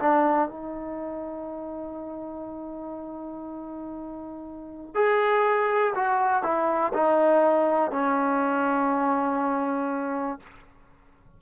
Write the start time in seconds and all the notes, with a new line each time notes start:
0.00 D4
0.49 D#4
4.95 G#4
5.95 F#4
6.43 E4
6.94 D#4
7.92 C#4